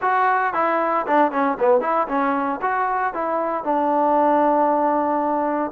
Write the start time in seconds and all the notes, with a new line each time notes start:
0.01 F#4
0.53 E4
1.06 D4
1.31 C#4
1.59 B3
1.80 E4
2.08 C#4
2.61 F#4
3.13 E4
3.64 D4